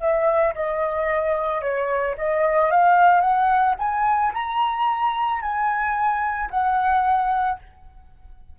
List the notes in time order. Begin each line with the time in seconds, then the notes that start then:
0.00 E5
0.55 D#5
1.61 C#5
2.17 D#5
2.71 F5
3.21 F#5
3.79 G#5
4.34 A#5
5.41 G#5
6.50 F#5